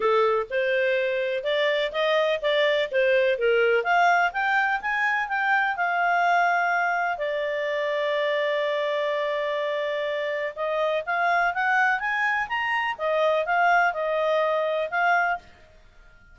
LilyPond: \new Staff \with { instrumentName = "clarinet" } { \time 4/4 \tempo 4 = 125 a'4 c''2 d''4 | dis''4 d''4 c''4 ais'4 | f''4 g''4 gis''4 g''4 | f''2. d''4~ |
d''1~ | d''2 dis''4 f''4 | fis''4 gis''4 ais''4 dis''4 | f''4 dis''2 f''4 | }